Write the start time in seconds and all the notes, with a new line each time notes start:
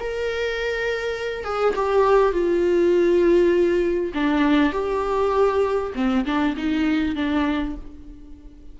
0.00 A#4
1.44 G#4
1.76 G4
2.33 F4
4.14 D4
4.73 G4
5.95 C4
6.26 D4
6.57 D#4
7.16 D4